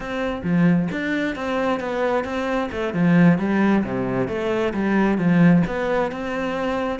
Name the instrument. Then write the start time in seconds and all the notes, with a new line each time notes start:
cello
0.00 C4
0.43 F3
0.91 D4
1.35 C4
1.80 B3
2.24 C4
2.71 A3
2.93 F3
3.38 G3
3.84 C3
4.28 A3
4.73 G3
5.18 F3
5.66 B3
6.11 C4